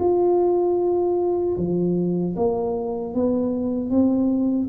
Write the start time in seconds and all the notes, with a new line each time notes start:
0.00 F4
1.58 F3
2.37 A#3
3.15 B3
3.90 C4